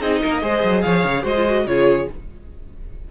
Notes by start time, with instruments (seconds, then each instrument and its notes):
0.00 cello C4, viola D#4, violin G#4 D#5
0.22 cello A#3, violin A#4
0.42 cello G#3, viola G#4, violin C5
0.64 cello F#3
0.82 cello F3, violin C#5 F5
1.05 cello C#3
1.23 cello G#3, viola F#4, violin C5 D#5
1.37 viola F4
1.47 viola F#4
1.67 cello C#3, viola F4, violin G#4 C#5